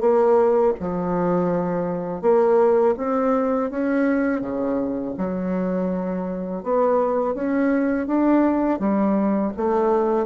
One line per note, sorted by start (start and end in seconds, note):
0.00 0.73 A#3
0.80 2.22 F3
2.22 2.95 A#3
2.97 3.70 C4
3.70 4.41 C#4
4.41 5.14 C#3
5.17 6.63 F#3
6.63 7.34 B3
7.34 8.07 C#4
8.07 8.79 D4
8.79 9.52 G3
9.57 10.26 A3